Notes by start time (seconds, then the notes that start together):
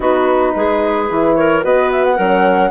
0.00 B3 D#4 F#4 B4
0.55 G#3 G#4
1.09 E3 E4
1.35 A#4 C#5
1.62 B3 F#4 B4 D#5
1.91 E5
2.04 F#5
2.16 F#3 C#4 A#4